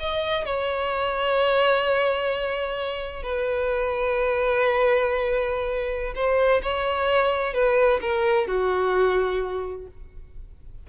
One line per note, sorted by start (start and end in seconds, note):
0.00 0.45 D#5
0.45 3.23 C#5
3.23 6.14 B4
6.15 6.62 C5
6.63 7.54 C#5
7.54 8.00 B4
8.01 8.48 A#4
8.48 9.87 F#4